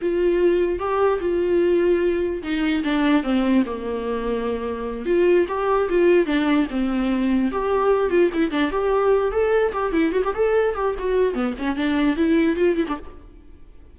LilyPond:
\new Staff \with { instrumentName = "viola" } { \time 4/4 \tempo 4 = 148 f'2 g'4 f'4~ | f'2 dis'4 d'4 | c'4 ais2.~ | ais8 f'4 g'4 f'4 d'8~ |
d'8 c'2 g'4. | f'8 e'8 d'8 g'4. a'4 | g'8 e'8 fis'16 g'16 a'4 g'8 fis'4 | b8 cis'8 d'4 e'4 f'8 e'16 d'16 | }